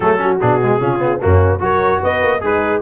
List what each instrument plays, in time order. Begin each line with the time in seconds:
0.00 tuba F#3, trombone A3, horn G#4, trumpet A4
0.17 trombone C#4, horn F#4
0.40 tuba B2, trombone D4, trumpet G#4
0.63 trombone G#3
0.80 tuba C#3, trombone C#4, horn F4
0.98 trombone B3
1.20 tuba F#2, trombone A#3, horn C#4, trumpet F#4
1.59 tuba F#3, trombone F#4, horn A#4, trumpet C#5
2.02 tuba B3, horn B4, trumpet D#5
2.22 tuba A#3
2.40 tuba G#3, horn D#4, trombone G#4, trumpet B4